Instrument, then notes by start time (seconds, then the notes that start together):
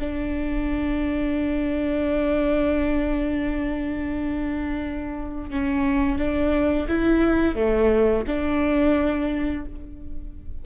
viola
0.00 D4
5.50 C#4
6.18 D4
6.88 E4
7.55 A3
8.27 D4